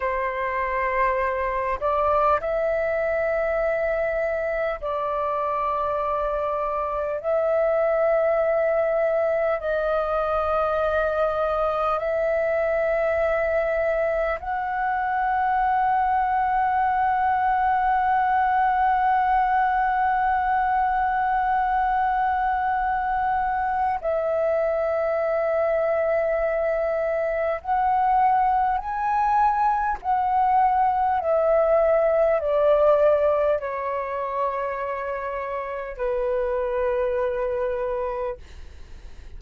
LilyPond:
\new Staff \with { instrumentName = "flute" } { \time 4/4 \tempo 4 = 50 c''4. d''8 e''2 | d''2 e''2 | dis''2 e''2 | fis''1~ |
fis''1 | e''2. fis''4 | gis''4 fis''4 e''4 d''4 | cis''2 b'2 | }